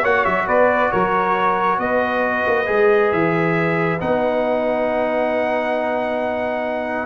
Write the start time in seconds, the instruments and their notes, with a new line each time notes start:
0.00 tuba A#3, trombone F#4, saxophone C#5, trumpet F#5
0.24 tuba F#3, trumpet E5
0.46 tuba B3, saxophone B4, trumpet D5
0.91 tuba F#3, saxophone A#4, trumpet C#5
1.78 tuba B3, saxophone B4, trumpet D#5
2.46 tuba A#3
2.66 tuba G#3, trombone G#4
3.11 tuba E3, trumpet E5
3.99 tuba B3, trombone D#4, trumpet F#5